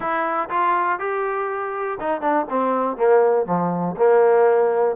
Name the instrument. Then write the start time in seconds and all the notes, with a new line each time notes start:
trombone
0.00 E4
0.49 F4
0.99 G4
2.00 D#4
2.21 D4
2.49 C4
2.97 A#3
3.46 F3
3.97 A#3